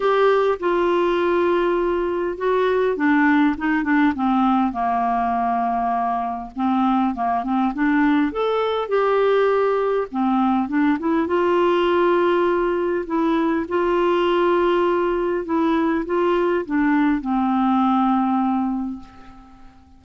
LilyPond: \new Staff \with { instrumentName = "clarinet" } { \time 4/4 \tempo 4 = 101 g'4 f'2. | fis'4 d'4 dis'8 d'8 c'4 | ais2. c'4 | ais8 c'8 d'4 a'4 g'4~ |
g'4 c'4 d'8 e'8 f'4~ | f'2 e'4 f'4~ | f'2 e'4 f'4 | d'4 c'2. | }